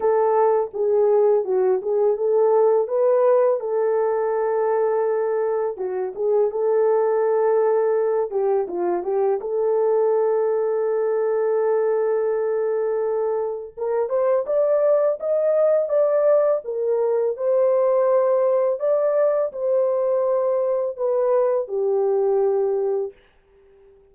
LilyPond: \new Staff \with { instrumentName = "horn" } { \time 4/4 \tempo 4 = 83 a'4 gis'4 fis'8 gis'8 a'4 | b'4 a'2. | fis'8 gis'8 a'2~ a'8 g'8 | f'8 g'8 a'2.~ |
a'2. ais'8 c''8 | d''4 dis''4 d''4 ais'4 | c''2 d''4 c''4~ | c''4 b'4 g'2 | }